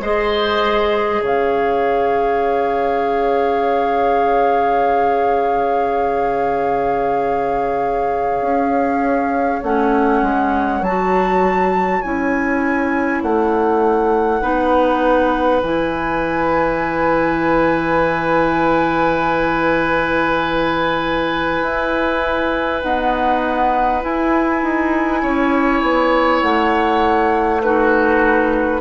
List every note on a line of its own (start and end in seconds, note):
0.00 1.20 G#3
0.00 9.62 G#4
0.00 1.21 C5
0.00 1.23 D#5
1.21 8.41 C#3
1.21 14.41 C#5
1.21 9.63 F5
8.41 9.61 C#4
9.63 10.22 A3
9.63 10.84 C#4
9.63 10.83 F#5
10.22 10.81 G#3
10.81 12.01 F#3
10.81 12.03 F#4
10.81 12.02 A5
12.02 13.22 C#4
12.02 14.42 E4
12.02 13.21 G#5
13.22 14.42 A3
13.22 15.62 F#5
14.42 15.62 B3
14.42 15.62 D#4
14.42 25.21 B4
15.62 21.62 E3
15.62 22.82 E4
15.62 22.82 G#5
21.62 22.82 E4
22.82 24.01 B3
22.82 24.04 D#4
22.82 24.02 F#5
24.01 27.61 E4
24.01 24.62 E4
24.01 26.42 G#5
24.62 25.23 D#4
25.22 25.82 C#4
25.22 27.62 C#5
25.82 26.42 B3
26.42 28.81 A3
26.42 27.62 F#5
27.62 28.81 D#4
27.62 28.81 F#4
27.62 28.81 B4